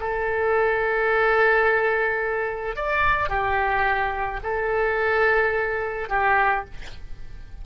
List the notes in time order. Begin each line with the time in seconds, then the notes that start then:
0.00 A4
2.76 D5
3.29 G4
4.43 A4
6.10 G4